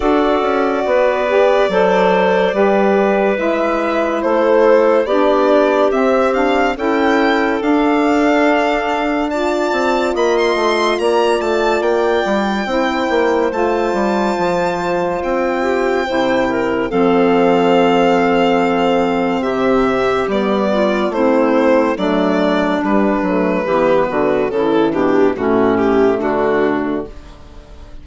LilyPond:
<<
  \new Staff \with { instrumentName = "violin" } { \time 4/4 \tempo 4 = 71 d''1 | e''4 c''4 d''4 e''8 f''8 | g''4 f''2 a''4 | b''16 c'''8. ais''8 a''8 g''2 |
a''2 g''2 | f''2. e''4 | d''4 c''4 d''4 b'4~ | b'4 a'8 g'8 fis'8 g'8 fis'4 | }
  \new Staff \with { instrumentName = "clarinet" } { \time 4/4 a'4 b'4 c''4 b'4~ | b'4 a'4 g'2 | a'2. d''4 | dis''4 d''2 c''4~ |
c''2~ c''8 g'8 c''8 ais'8 | a'2. g'4~ | g'8 f'8 e'4 d'2 | g'8 fis'8 e'8 d'8 cis'4 d'4 | }
  \new Staff \with { instrumentName = "saxophone" } { \time 4/4 fis'4. g'8 a'4 g'4 | e'2 d'4 c'8 d'8 | e'4 d'2 f'4~ | f'2. e'4 |
f'2. e'4 | c'1 | b4 c'4 a4 g8 a8 | b4 e4 a2 | }
  \new Staff \with { instrumentName = "bassoon" } { \time 4/4 d'8 cis'8 b4 fis4 g4 | gis4 a4 b4 c'4 | cis'4 d'2~ d'8 c'8 | ais8 a8 ais8 a8 ais8 g8 c'8 ais8 |
a8 g8 f4 c'4 c4 | f2. c4 | g4 a4 fis4 g8 fis8 | e8 d8 cis8 b,8 a,4 d4 | }
>>